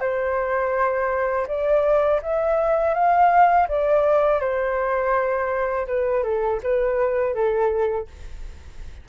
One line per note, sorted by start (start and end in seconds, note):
0.00 1.46 C5
1.47 2.20 D5
2.22 2.94 E5
2.94 3.67 F5
3.68 4.40 D5
4.40 5.86 C5
5.87 6.23 B4
6.23 6.60 A4
6.63 7.34 B4
7.34 8.07 A4